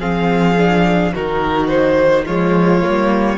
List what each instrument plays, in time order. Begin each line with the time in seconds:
0.00 cello F3, viola C4, violin G#4 F5
0.58 viola D4
1.14 cello D#3, viola D#4, violin F#4 A#4
1.68 violin C5
2.25 cello F3, viola G#3, violin F4 C#5
2.83 cello G3, viola A#3